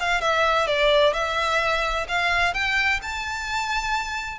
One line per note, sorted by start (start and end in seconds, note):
0.00 0.21 F5
0.21 0.67 E5
0.67 1.14 D5
1.14 2.07 E5
2.09 2.54 F5
2.54 3.01 G5
3.03 4.39 A5